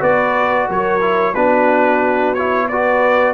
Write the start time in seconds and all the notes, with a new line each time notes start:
0.00 B3 F#4 B4 D5
0.68 F#3 A#4 C#5
1.01 E4
1.34 B3 D4 F#4 B4
2.34 E4 C#5
2.68 F#4 B4 D5